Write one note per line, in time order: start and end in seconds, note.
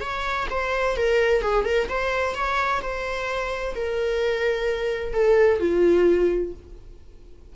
0.00 0.47 C#5
0.50 0.96 C5
0.96 1.41 A#4
1.41 1.65 G#4
1.65 1.88 A#4
1.88 2.35 C5
2.35 2.81 C#5
2.81 3.74 C5
3.75 5.13 A#4
5.13 5.60 A4
5.60 6.53 F4